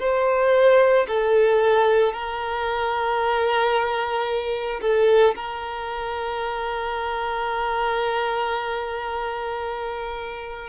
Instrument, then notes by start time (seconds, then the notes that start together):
violin
0.00 C5
1.08 A4
2.13 A#4
4.82 A4
5.36 A#4